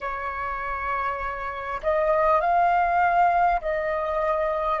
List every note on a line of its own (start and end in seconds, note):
0.00 1.80 C#5
1.83 2.41 D#5
2.41 3.61 F5
3.61 4.80 D#5